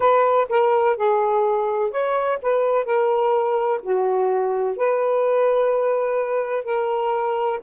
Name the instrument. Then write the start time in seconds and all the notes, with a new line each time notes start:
saxophone
0.00 B4
0.48 A#4
0.96 G#4
1.90 C#5
2.42 B4
2.85 A#4
3.82 F#4
4.76 B4
6.64 A#4